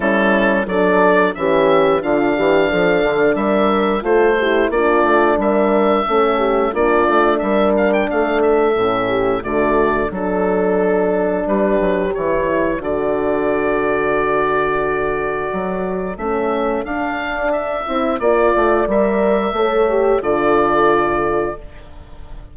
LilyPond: <<
  \new Staff \with { instrumentName = "oboe" } { \time 4/4 \tempo 4 = 89 a'4 d''4 e''4 f''4~ | f''4 e''4 c''4 d''4 | e''2 d''4 e''8 f''16 g''16 | f''8 e''4. d''4 a'4~ |
a'4 b'4 cis''4 d''4~ | d''1 | e''4 f''4 e''4 d''4 | e''2 d''2 | }
  \new Staff \with { instrumentName = "horn" } { \time 4/4 e'4 a'4 g'4 f'8 g'8 | a'4 ais'4 a'8 g'8 f'4 | ais'4 a'8 g'8 f'4 ais'4 | a'4. g'8 fis'4 a'4~ |
a'4 g'2 a'4~ | a'1~ | a'2. d''4~ | d''4 cis''4 a'2 | }
  \new Staff \with { instrumentName = "horn" } { \time 4/4 cis'4 d'4 cis'4 d'4~ | d'2 f'8 e'8 d'4~ | d'4 cis'4 d'2~ | d'4 cis'4 a4 d'4~ |
d'2 e'4 fis'4~ | fis'1 | cis'4 d'4. e'8 f'4 | ais'4 a'8 g'8 f'2 | }
  \new Staff \with { instrumentName = "bassoon" } { \time 4/4 g4 fis4 e4 d8 e8 | f8 d8 g4 a4 ais8 a8 | g4 a4 ais8 a8 g4 | a4 a,4 d4 fis4~ |
fis4 g8 fis8 e4 d4~ | d2. fis4 | a4 d'4. c'8 ais8 a8 | g4 a4 d2 | }
>>